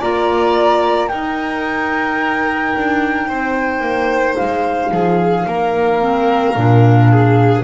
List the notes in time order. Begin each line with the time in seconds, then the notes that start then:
0.00 A#3 F4 D5 A#5
1.08 D#4 A#4 G5
2.76 D4
3.28 C4 C5
3.80 A#3
4.36 G#3 F5
4.91 F3 G#4
5.47 A#3 A#4
6.00 C4
6.56 A#2 D4
7.11 G#4